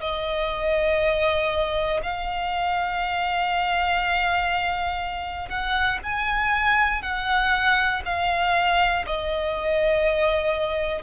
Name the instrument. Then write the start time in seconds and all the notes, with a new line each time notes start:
violin
0.00 D#5
2.03 F5
5.49 F#5
6.03 G#5
7.02 F#5
8.05 F5
9.06 D#5